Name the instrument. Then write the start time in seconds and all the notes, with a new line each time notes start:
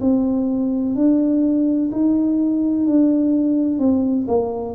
tuba
0.00 C4
0.95 D4
1.92 D#4
2.86 D4
3.79 C4
4.28 A#3